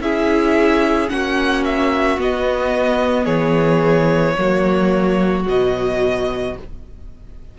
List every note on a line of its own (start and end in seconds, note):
0.00 1.09 C#4
0.00 1.09 E4
0.00 1.12 G#4
0.00 1.10 E5
1.09 2.18 A#3
1.09 2.18 C#4
1.09 3.24 F#4
1.09 1.64 F#5
1.65 2.20 E5
2.18 3.27 B3
2.18 4.37 B3
2.18 3.26 D#5
3.24 4.36 E3
3.24 4.33 G#4
3.24 5.44 C#5
4.38 5.47 F#3
4.38 5.45 A#3
4.38 6.59 F#4
5.45 6.57 B2
5.45 6.54 F#3
5.45 6.58 D#5